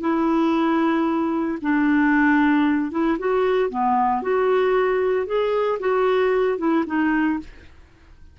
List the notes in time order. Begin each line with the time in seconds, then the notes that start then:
0.00 E4
1.61 D4
2.91 E4
3.19 F#4
3.69 B3
4.22 F#4
5.26 G#4
5.79 F#4
6.58 E4
6.86 D#4